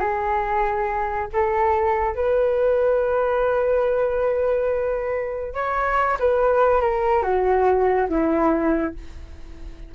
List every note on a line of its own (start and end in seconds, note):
0.00 1.28 G#4
1.33 2.15 A4
2.15 5.54 B4
5.54 6.18 C#5
6.20 6.81 B4
6.81 7.23 A#4
7.23 8.08 F#4
8.09 8.94 E4